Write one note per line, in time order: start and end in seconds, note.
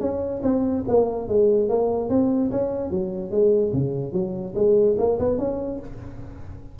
0.00 0.41 C#4
0.42 0.83 C4
0.88 1.28 A#3
1.28 1.69 G#3
1.69 2.09 A#3
2.09 2.50 C4
2.51 2.90 C#4
2.90 3.31 F#3
3.31 3.72 G#3
3.73 4.13 C#3
4.13 4.54 F#3
4.55 4.96 G#3
4.98 5.19 A#3
5.19 5.38 B3
5.38 5.79 C#4